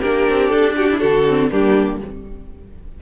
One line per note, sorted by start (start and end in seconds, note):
0.00 0.29 A#3
0.00 1.28 D4
0.00 0.76 G4
0.00 0.49 A#4
0.29 0.51 C4
0.49 1.01 D4
0.49 0.74 A4
0.76 0.90 F#4
0.76 1.00 G4
0.91 1.00 E4
1.00 1.52 D3
1.00 1.50 F#4
1.00 1.50 A4
1.29 1.51 C4
1.51 2.02 G3
1.51 2.01 A#3
1.51 2.01 D4
1.51 2.02 G4